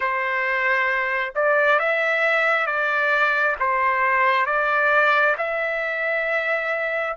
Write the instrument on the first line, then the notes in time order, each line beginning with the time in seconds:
trumpet
0.00 C5
1.35 D5
1.79 E5
2.66 D5
3.59 C5
4.45 D5
5.37 E5